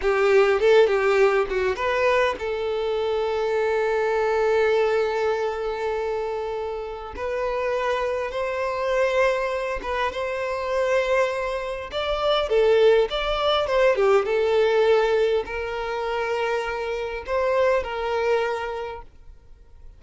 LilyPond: \new Staff \with { instrumentName = "violin" } { \time 4/4 \tempo 4 = 101 g'4 a'8 g'4 fis'8 b'4 | a'1~ | a'1 | b'2 c''2~ |
c''8 b'8 c''2. | d''4 a'4 d''4 c''8 g'8 | a'2 ais'2~ | ais'4 c''4 ais'2 | }